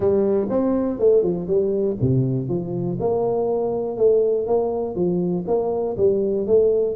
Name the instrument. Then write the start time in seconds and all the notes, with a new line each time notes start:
tuba
0.00 G3
0.49 C4
0.99 A3
1.22 F3
1.47 G3
2.01 C3
2.49 F3
3.00 A#3
3.97 A3
4.47 A#3
4.95 F3
5.47 A#3
5.97 G3
6.46 A3